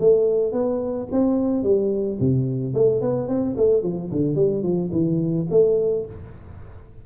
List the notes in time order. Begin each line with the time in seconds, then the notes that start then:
0.00 A3
0.52 B3
1.12 C4
1.63 G3
2.20 C3
2.74 A3
3.01 B3
3.28 C4
3.57 A3
3.83 F3
4.12 D3
4.35 G3
4.63 F3
4.92 E3
5.51 A3